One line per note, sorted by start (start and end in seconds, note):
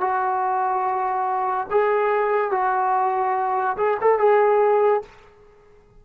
0.00 1.67 F#4
1.70 2.51 G#4
2.51 3.76 F#4
3.76 3.97 G#4
4.01 4.19 A4
4.19 5.02 G#4